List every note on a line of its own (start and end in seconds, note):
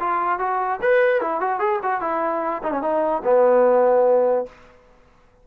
0.00 0.39 F4
0.39 0.80 F#4
0.82 1.21 B4
1.21 1.41 E4
1.41 1.60 F#4
1.60 1.80 G#4
1.83 2.02 F#4
2.02 2.62 E4
2.63 2.72 D#4
2.72 2.82 C#4
2.82 3.23 D#4
3.25 4.46 B3